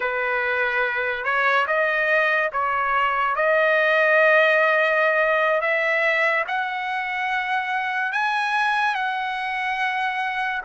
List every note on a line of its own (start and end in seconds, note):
0.00 1.24 B4
1.24 1.66 C#5
1.67 2.50 D#5
2.52 3.35 C#5
3.35 5.61 D#5
5.61 6.44 E5
6.47 8.12 F#5
8.12 8.94 G#5
8.94 10.61 F#5